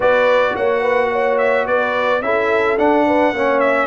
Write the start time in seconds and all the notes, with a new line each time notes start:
0.00 B3 F#4 B4 D5
0.55 A#3 C#5 F#5
0.81 B4
1.12 C#5
1.37 E5
1.66 B3 B4 D5
2.21 C#4 E4 A4 E5
2.78 D4 F#5
3.06 B4
3.33 A#3 C#4 C#5
3.59 E5